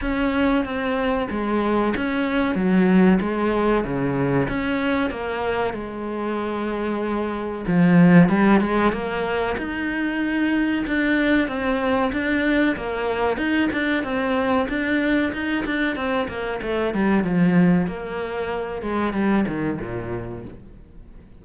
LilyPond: \new Staff \with { instrumentName = "cello" } { \time 4/4 \tempo 4 = 94 cis'4 c'4 gis4 cis'4 | fis4 gis4 cis4 cis'4 | ais4 gis2. | f4 g8 gis8 ais4 dis'4~ |
dis'4 d'4 c'4 d'4 | ais4 dis'8 d'8 c'4 d'4 | dis'8 d'8 c'8 ais8 a8 g8 f4 | ais4. gis8 g8 dis8 ais,4 | }